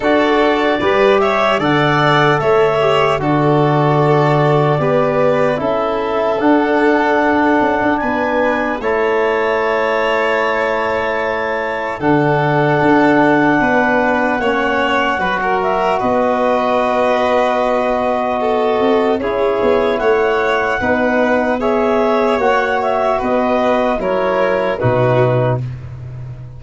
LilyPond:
<<
  \new Staff \with { instrumentName = "clarinet" } { \time 4/4 \tempo 4 = 75 d''4. e''8 fis''4 e''4 | d''2. e''4 | fis''2 gis''4 a''4~ | a''2. fis''4~ |
fis''2.~ fis''8 e''8 | dis''1 | cis''4 fis''2 e''4 | fis''8 e''8 dis''4 cis''4 b'4 | }
  \new Staff \with { instrumentName = "violin" } { \time 4/4 a'4 b'8 cis''8 d''4 cis''4 | a'2 b'4 a'4~ | a'2 b'4 cis''4~ | cis''2. a'4~ |
a'4 b'4 cis''4 b'16 ais'8. | b'2. a'4 | gis'4 cis''4 b'4 cis''4~ | cis''4 b'4 ais'4 fis'4 | }
  \new Staff \with { instrumentName = "trombone" } { \time 4/4 fis'4 g'4 a'4. g'8 | fis'2 g'4 e'4 | d'2. e'4~ | e'2. d'4~ |
d'2 cis'4 fis'4~ | fis'1 | e'2 dis'4 gis'4 | fis'2 e'4 dis'4 | }
  \new Staff \with { instrumentName = "tuba" } { \time 4/4 d'4 g4 d4 a4 | d2 b4 cis'4 | d'4. cis'16 d'16 b4 a4~ | a2. d4 |
d'4 b4 ais4 fis4 | b2.~ b8 c'8 | cis'8 b8 a4 b2 | ais4 b4 fis4 b,4 | }
>>